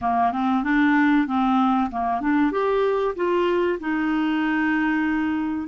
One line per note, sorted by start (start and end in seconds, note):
0.01 0.32 A#3
0.32 0.63 C4
0.63 1.26 D4
1.26 1.89 C4
1.90 2.20 A#3
2.20 2.51 D4
2.51 3.14 G4
3.15 3.78 F4
3.80 5.68 D#4